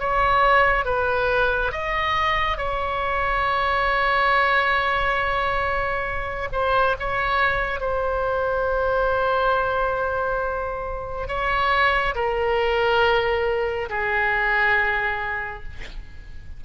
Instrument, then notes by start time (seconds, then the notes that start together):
oboe
0.00 C#5
0.85 B4
1.72 D#5
2.58 C#5
6.53 C5
7.00 C#5
7.81 C5
11.28 C#5
12.15 A#4
13.90 G#4